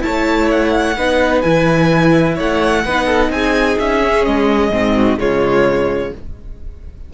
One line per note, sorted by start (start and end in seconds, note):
0.00 0.94 E4
0.00 0.97 C#5
0.00 0.49 A5
0.07 0.97 A3
0.51 1.41 F#5
0.97 1.44 B3
0.97 1.43 D#4
0.97 2.35 B4
1.41 2.38 E3
1.41 2.83 E4
1.41 2.35 G#5
2.35 2.85 A3
2.35 2.82 C#5
2.35 3.31 F#5
2.85 3.29 B3
2.85 4.01 D#4
2.85 3.06 B4
3.06 3.29 A4
3.29 3.76 C4
3.29 4.95 G#4
3.29 3.78 G#5
3.79 4.26 C#4
3.79 4.25 E5
4.01 4.71 C#4
4.25 4.71 G#3
4.25 5.18 D#5
4.71 5.18 G#2
4.71 5.18 C4
4.95 5.19 F#4
5.18 6.12 C#3
5.18 6.12 G#3
5.18 6.13 F4
5.18 6.13 C#5